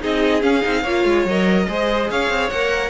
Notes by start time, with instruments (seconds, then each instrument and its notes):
0.00 cello C4, viola D#4, violin G#4 D#5
0.42 viola C#4, cello C#4, violin F5
0.62 cello C4, viola D#4
0.82 cello A#3, viola F4, violin C#5
1.05 cello G#3
1.25 cello F#3, viola A#4, violin D#5
1.68 cello G#3, viola G#4, violin C5
2.10 cello C#4, violin C#5 F5
2.30 cello C4
2.50 cello A#3, viola A#4, violin F#5